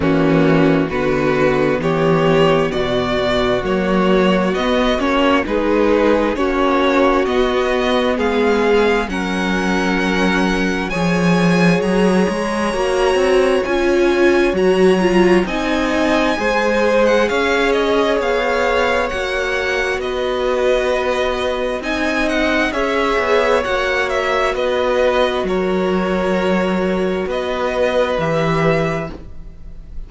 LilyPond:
<<
  \new Staff \with { instrumentName = "violin" } { \time 4/4 \tempo 4 = 66 fis'4 b'4 cis''4 d''4 | cis''4 dis''8 cis''8 b'4 cis''4 | dis''4 f''4 fis''2 | gis''4 ais''2 gis''4 |
ais''4 gis''4.~ gis''16 fis''16 f''8 dis''8 | f''4 fis''4 dis''2 | gis''8 fis''8 e''4 fis''8 e''8 dis''4 | cis''2 dis''4 e''4 | }
  \new Staff \with { instrumentName = "violin" } { \time 4/4 cis'4 fis'4 g'4 fis'4~ | fis'2 gis'4 fis'4~ | fis'4 gis'4 ais'2 | cis''1~ |
cis''4 dis''4 c''4 cis''4~ | cis''2 b'2 | dis''4 cis''2 b'4 | ais'2 b'2 | }
  \new Staff \with { instrumentName = "viola" } { \time 4/4 ais4 b2. | ais4 b8 cis'8 dis'4 cis'4 | b2 cis'2 | gis'2 fis'4 f'4 |
fis'8 f'8 dis'4 gis'2~ | gis'4 fis'2. | dis'4 gis'4 fis'2~ | fis'2. g'4 | }
  \new Staff \with { instrumentName = "cello" } { \time 4/4 e4 d4 e4 b,4 | fis4 b8 ais8 gis4 ais4 | b4 gis4 fis2 | f4 fis8 gis8 ais8 c'8 cis'4 |
fis4 c'4 gis4 cis'4 | b4 ais4 b2 | c'4 cis'8 b8 ais4 b4 | fis2 b4 e4 | }
>>